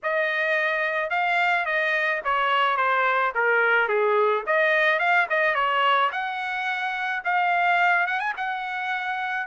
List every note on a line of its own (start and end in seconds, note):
0.03 1.10 D#5
1.10 1.65 F5
1.65 2.21 D#5
2.24 2.76 C#5
2.76 3.32 C5
3.34 3.88 A#4
3.88 4.43 G#4
4.46 4.99 D#5
4.99 5.27 F5
5.29 5.54 D#5
5.54 6.10 C#5
6.11 7.22 F#5
7.24 8.06 F5
8.06 8.19 F#5
8.19 8.33 G#5
8.36 9.46 F#5